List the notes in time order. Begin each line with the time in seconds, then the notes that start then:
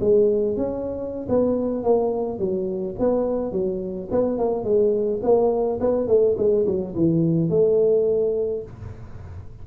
0.00 G#3
0.56 C#4
1.29 B3
1.83 A#3
2.39 F#3
2.99 B3
3.52 F#3
4.11 B3
4.38 A#3
4.64 G#3
5.23 A#3
5.80 B3
6.07 A3
6.37 G#3
6.66 F#3
6.95 E3
7.49 A3